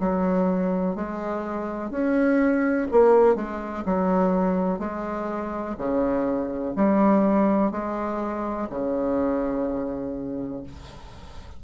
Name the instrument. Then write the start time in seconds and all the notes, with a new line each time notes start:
bassoon
0.00 F#3
0.95 G#3
1.91 C#4
2.92 A#3
3.36 G#3
3.85 F#3
4.79 G#3
5.78 C#3
6.76 G3
7.72 G#3
8.70 C#3